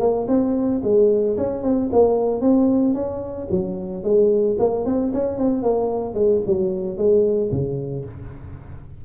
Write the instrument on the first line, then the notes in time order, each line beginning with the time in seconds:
tuba
0.00 A#3
0.28 C4
0.84 G#3
1.38 C#4
1.63 C4
1.93 A#3
2.42 C4
2.94 C#4
3.51 F#3
4.04 G#3
4.59 A#3
4.86 C4
5.14 C#4
5.38 C4
5.63 A#3
6.15 G#3
6.47 F#3
6.98 G#3
7.52 C#3